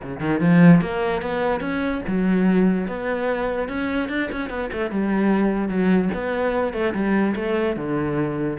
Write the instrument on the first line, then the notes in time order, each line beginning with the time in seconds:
cello
0.02 C#3
0.19 D#3
0.40 F3
0.81 A#3
1.22 B3
1.60 C#4
2.07 F#3
2.87 B3
3.68 C#4
4.09 D4
4.31 C#4
4.49 B3
4.72 A3
4.90 G3
5.68 F#3
6.14 B3
6.73 A3
6.94 G3
7.35 A3
7.76 D3